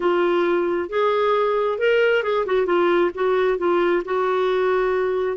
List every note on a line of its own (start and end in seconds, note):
0.00 0.89 F4
0.89 1.78 G#4
1.78 2.23 A#4
2.23 2.45 G#4
2.45 2.66 F#4
2.66 3.11 F4
3.14 3.58 F#4
3.58 4.02 F4
4.04 5.37 F#4